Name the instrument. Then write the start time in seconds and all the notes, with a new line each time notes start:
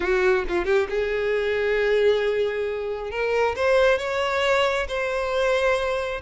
violin
0.00 F#4
0.48 F4
0.65 G4
0.89 G#4
3.10 A#4
3.56 C5
3.98 C#5
4.88 C5